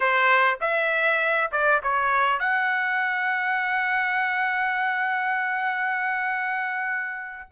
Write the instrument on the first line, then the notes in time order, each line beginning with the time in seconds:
trumpet
0.00 C5
0.60 E5
1.51 D5
1.82 C#5
2.39 F#5